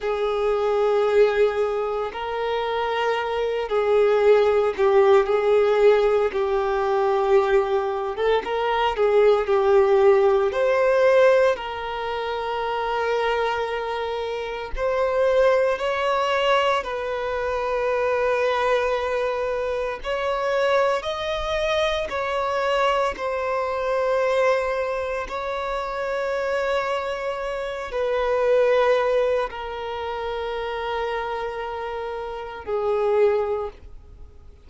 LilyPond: \new Staff \with { instrumentName = "violin" } { \time 4/4 \tempo 4 = 57 gis'2 ais'4. gis'8~ | gis'8 g'8 gis'4 g'4.~ g'16 a'16 | ais'8 gis'8 g'4 c''4 ais'4~ | ais'2 c''4 cis''4 |
b'2. cis''4 | dis''4 cis''4 c''2 | cis''2~ cis''8 b'4. | ais'2. gis'4 | }